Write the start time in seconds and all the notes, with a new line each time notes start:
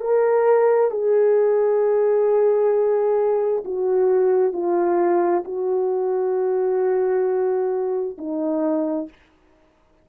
0.00 A#4
0.90 G#4
3.64 F#4
4.52 F4
5.44 F#4
8.17 D#4